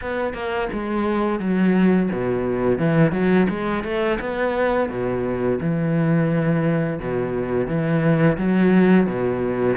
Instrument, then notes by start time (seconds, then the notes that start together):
cello
0.01 B3
0.33 A#3
0.72 G#3
1.39 F#3
2.12 B2
2.78 E3
3.12 F#3
3.49 G#3
3.84 A3
4.20 B3
4.89 B2
5.60 E3
6.99 B2
7.67 E3
8.37 F#3
9.06 B2